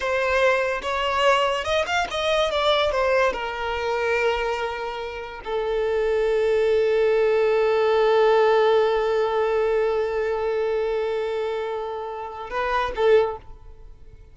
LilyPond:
\new Staff \with { instrumentName = "violin" } { \time 4/4 \tempo 4 = 144 c''2 cis''2 | dis''8 f''8 dis''4 d''4 c''4 | ais'1~ | ais'4 a'2.~ |
a'1~ | a'1~ | a'1~ | a'2 b'4 a'4 | }